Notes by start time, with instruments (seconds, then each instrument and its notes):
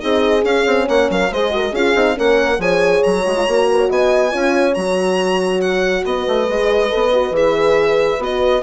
0.00 bassoon C4, horn D#4 G#4, violin D#5
0.44 bassoon C#4, horn C#4, violin F5
0.66 bassoon C4
0.85 bassoon A#3, horn C#5, violin F#5
1.10 bassoon F#3, horn A#4, violin F5
1.31 bassoon G#3, horn G#4 C5, violin D#5
1.51 horn F#4 A#4
1.71 bassoon C#4, horn F4 G#4, violin F5
1.95 bassoon C4, horn D#4
2.15 bassoon A#3, horn C#4 A#4, violin F#5
2.58 bassoon F3, horn G#4 C#5, violin G#5
3.03 bassoon F#3, violin A#5
3.25 bassoon G#3, horn F#4
3.36 horn F4
3.47 bassoon A#3, horn F#4
3.71 horn B4
3.78 horn C#5
3.90 bassoon B3, horn D#5, violin G#5
4.31 bassoon C#4, horn F4 C#5
4.74 bassoon F#3, horn F#4, violin A#5
5.61 violin F#5
6.05 bassoon B3, horn B4, violin D#5
6.28 bassoon A3
6.48 bassoon G#3, horn G#4
6.89 bassoon B3, horn A4
7.13 horn F#4
7.31 bassoon E3, horn G#4, violin E5
8.19 bassoon B3, horn F#4, violin D#5